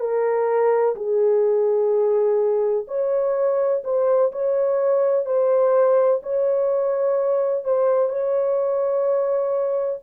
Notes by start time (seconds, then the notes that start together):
0.00 A#4
0.96 G#4
2.88 C#5
3.84 C5
4.32 C#5
5.26 C5
6.23 C#5
7.65 C5
8.09 C#5